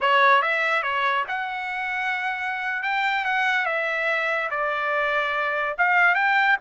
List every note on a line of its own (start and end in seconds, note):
0.00 0.42 C#5
0.42 0.82 E5
0.82 1.24 C#5
1.28 2.82 F#5
2.82 3.24 G5
3.24 3.65 F#5
3.65 4.49 E5
4.50 5.76 D5
5.77 6.14 F5
6.14 6.56 G5